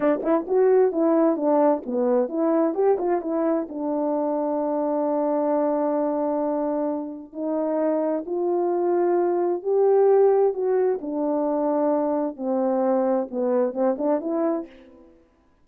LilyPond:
\new Staff \with { instrumentName = "horn" } { \time 4/4 \tempo 4 = 131 d'8 e'8 fis'4 e'4 d'4 | b4 e'4 g'8 f'8 e'4 | d'1~ | d'1 |
dis'2 f'2~ | f'4 g'2 fis'4 | d'2. c'4~ | c'4 b4 c'8 d'8 e'4 | }